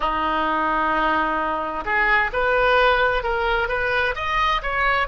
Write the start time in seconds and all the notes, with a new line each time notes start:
0.00 D#4
1.84 G#4
2.32 B4
3.23 A#4
3.68 B4
4.15 D#5
4.62 C#5